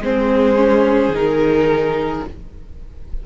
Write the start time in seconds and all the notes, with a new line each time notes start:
0.00 G#3 C4 G#4 C5
0.56 C#4
1.08 D#3 D#4
1.15 A#4